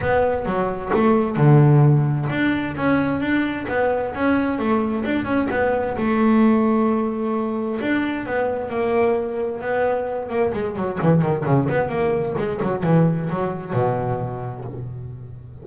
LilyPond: \new Staff \with { instrumentName = "double bass" } { \time 4/4 \tempo 4 = 131 b4 fis4 a4 d4~ | d4 d'4 cis'4 d'4 | b4 cis'4 a4 d'8 cis'8 | b4 a2.~ |
a4 d'4 b4 ais4~ | ais4 b4. ais8 gis8 fis8 | e8 dis8 cis8 b8 ais4 gis8 fis8 | e4 fis4 b,2 | }